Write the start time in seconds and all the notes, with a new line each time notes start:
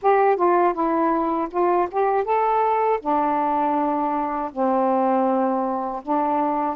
0.02 G4
0.36 F4
0.73 E4
1.50 F4
1.91 G4
2.24 A4
3.01 D4
4.52 C4
6.02 D4